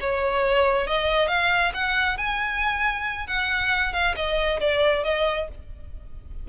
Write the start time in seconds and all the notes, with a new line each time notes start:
0.00 C#5
0.87 D#5
1.28 F5
1.73 F#5
2.17 G#5
3.26 F#5
3.92 F5
4.15 D#5
4.60 D5
5.04 D#5